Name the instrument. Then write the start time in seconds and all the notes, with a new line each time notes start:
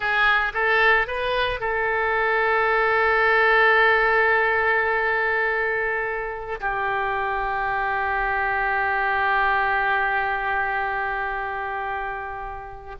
oboe
0.00 G#4
0.53 A4
1.07 B4
1.59 A4
6.60 G4